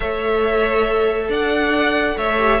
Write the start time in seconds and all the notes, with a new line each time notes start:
0.00 A3 A4 C#5 E5
1.28 D4 D5 F#5
2.17 A3 C#5 E5
2.38 G4